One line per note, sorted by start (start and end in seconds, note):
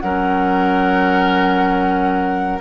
0.00 2.61 F#3
0.00 2.61 C#4
0.00 2.61 A#4
0.00 2.60 F#5